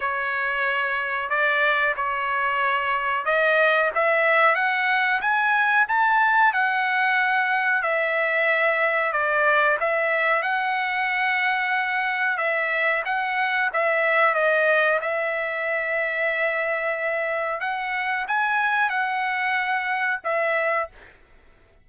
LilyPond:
\new Staff \with { instrumentName = "trumpet" } { \time 4/4 \tempo 4 = 92 cis''2 d''4 cis''4~ | cis''4 dis''4 e''4 fis''4 | gis''4 a''4 fis''2 | e''2 d''4 e''4 |
fis''2. e''4 | fis''4 e''4 dis''4 e''4~ | e''2. fis''4 | gis''4 fis''2 e''4 | }